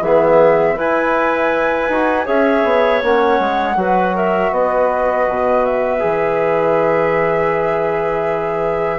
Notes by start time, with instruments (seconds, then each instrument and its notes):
0.00 bassoon E3, trombone B3, clarinet G#4, flute E5
0.75 bassoon E4, trombone E4, clarinet B4, flute G#5
1.89 bassoon D#4, trombone F#4
2.26 bassoon C#4, trombone G#4, clarinet C#5, flute E5
2.64 bassoon B3
3.03 bassoon A#3, trombone C#4, flute F#5
3.40 bassoon G#3
3.76 bassoon F#3, trombone F#4, clarinet B4
4.16 clarinet A#4, flute E5
4.51 bassoon B3, clarinet B4, flute D#5
5.29 bassoon B2
5.65 flute E5
5.99 bassoon E3, trombone G#4